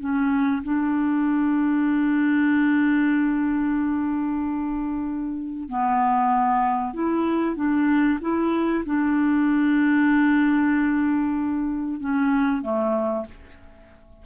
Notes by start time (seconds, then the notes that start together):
0.00 C#4
0.64 D4
5.69 B3
6.94 E4
7.56 D4
8.22 E4
8.86 D4
12.01 C#4
12.63 A3